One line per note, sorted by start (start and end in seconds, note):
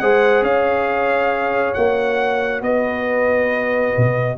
0.00 0.42 G#3
0.00 1.76 G#4
0.00 0.45 C5
0.00 0.44 F#5
0.42 1.74 C#4
0.42 2.64 C#5
0.42 1.74 F5
1.74 2.62 A#3
1.74 4.38 F#4
1.74 2.62 F#5
2.62 3.94 B3
2.62 4.38 B4
2.62 4.38 D#5
3.98 4.38 B2